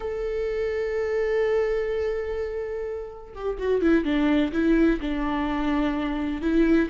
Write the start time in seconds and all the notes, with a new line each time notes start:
0.00 A4
3.34 G4
3.58 F#4
3.81 E4
4.04 D4
4.52 E4
5.00 D4
6.41 E4